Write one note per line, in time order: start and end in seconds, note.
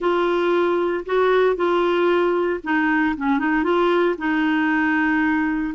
0.00 1.05 F4
1.05 1.55 F#4
1.55 2.60 F4
2.63 3.15 D#4
3.17 3.38 C#4
3.38 3.63 D#4
3.63 4.15 F4
4.17 5.74 D#4